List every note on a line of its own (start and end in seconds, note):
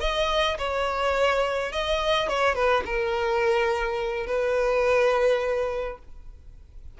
0.00 0.57 D#5
0.58 1.72 C#5
1.72 2.28 D#5
2.28 2.55 C#5
2.55 2.83 B4
2.85 4.26 A#4
4.26 5.98 B4